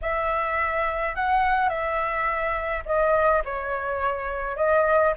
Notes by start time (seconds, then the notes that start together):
0.01 E5
1.15 F#5
1.69 E5
2.85 D#5
3.44 C#5
4.56 D#5